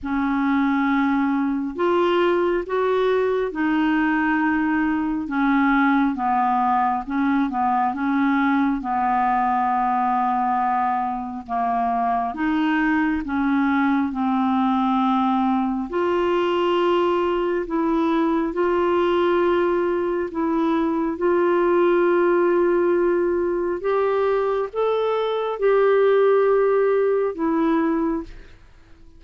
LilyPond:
\new Staff \with { instrumentName = "clarinet" } { \time 4/4 \tempo 4 = 68 cis'2 f'4 fis'4 | dis'2 cis'4 b4 | cis'8 b8 cis'4 b2~ | b4 ais4 dis'4 cis'4 |
c'2 f'2 | e'4 f'2 e'4 | f'2. g'4 | a'4 g'2 e'4 | }